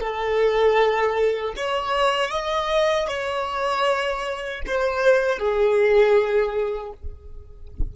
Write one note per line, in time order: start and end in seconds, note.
0.00 1.54 A4
1.56 2.31 C#5
2.31 3.08 D#5
3.08 4.62 C#5
4.66 5.39 C5
5.39 6.93 G#4